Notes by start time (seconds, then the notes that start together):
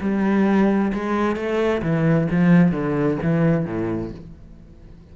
0.00 G3
0.93 G#3
1.36 A3
1.82 E3
2.31 F3
2.71 D3
3.22 E3
3.65 A2